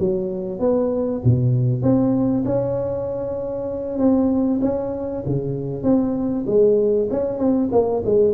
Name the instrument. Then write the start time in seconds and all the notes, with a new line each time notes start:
tuba
0.00 F#3
0.60 B3
1.25 B2
1.82 C4
2.45 C#4
3.99 C4
4.62 C#4
5.26 C#3
5.83 C4
6.47 G#3
7.11 C#4
7.38 C4
7.72 A#3
8.05 G#3